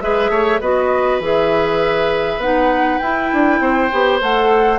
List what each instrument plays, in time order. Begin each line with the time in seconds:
0.00 bassoon G#3, clarinet G#4, oboe B4, flute E5
0.29 bassoon A3, oboe C#5
0.60 bassoon B3, clarinet F#4, oboe B4, flute D#5
1.19 bassoon E3, clarinet G#4, flute E5
2.37 bassoon B3, clarinet D#4, flute F#5
2.98 clarinet E4, bassoon E4, flute G5
3.32 bassoon D4
3.60 bassoon C4, oboe C5
3.91 bassoon B3, clarinet G4
4.20 bassoon A3, clarinet A4, flute F#5